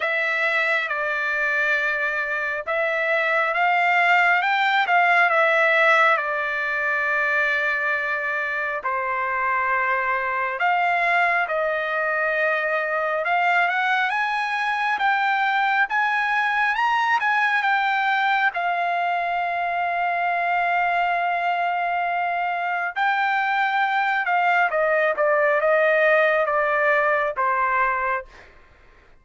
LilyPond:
\new Staff \with { instrumentName = "trumpet" } { \time 4/4 \tempo 4 = 68 e''4 d''2 e''4 | f''4 g''8 f''8 e''4 d''4~ | d''2 c''2 | f''4 dis''2 f''8 fis''8 |
gis''4 g''4 gis''4 ais''8 gis''8 | g''4 f''2.~ | f''2 g''4. f''8 | dis''8 d''8 dis''4 d''4 c''4 | }